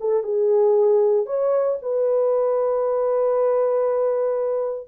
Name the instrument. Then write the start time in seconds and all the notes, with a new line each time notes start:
horn
0.00 A4
0.23 G#4
1.26 C#5
1.82 B4